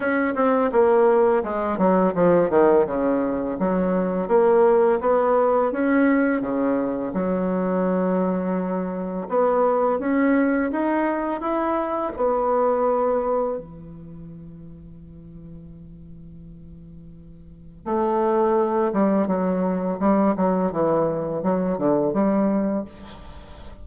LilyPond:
\new Staff \with { instrumentName = "bassoon" } { \time 4/4 \tempo 4 = 84 cis'8 c'8 ais4 gis8 fis8 f8 dis8 | cis4 fis4 ais4 b4 | cis'4 cis4 fis2~ | fis4 b4 cis'4 dis'4 |
e'4 b2 e4~ | e1~ | e4 a4. g8 fis4 | g8 fis8 e4 fis8 d8 g4 | }